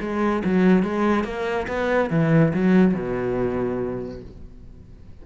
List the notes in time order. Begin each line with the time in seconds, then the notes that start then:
0.00 G#3
0.44 F#3
0.82 G#3
1.24 A#3
1.67 B3
2.10 E3
2.53 F#3
2.94 B2